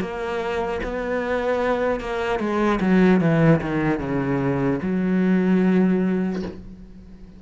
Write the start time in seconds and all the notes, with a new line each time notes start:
0.00 A#3
0.84 B3
2.00 A#3
2.39 G#3
2.81 F#3
3.21 E3
3.61 D#3
3.99 C#3
4.82 F#3